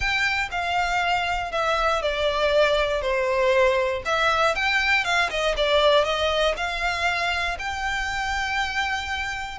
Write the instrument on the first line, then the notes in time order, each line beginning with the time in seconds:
violin
0.00 G5
0.51 F5
1.51 E5
2.02 D5
3.01 C5
4.05 E5
4.55 G5
5.04 F5
5.29 D#5
5.56 D5
6.04 D#5
6.56 F5
7.58 G5